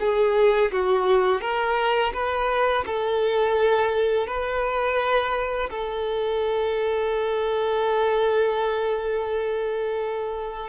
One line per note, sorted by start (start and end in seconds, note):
0.00 0.71 G#4
0.72 1.41 F#4
1.41 2.13 A#4
2.14 2.85 B4
2.86 4.27 A4
4.27 5.70 B4
5.70 10.69 A4